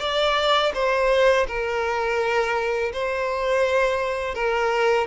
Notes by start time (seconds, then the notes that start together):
0.00 D5
0.75 C5
1.48 A#4
2.93 C5
4.35 A#4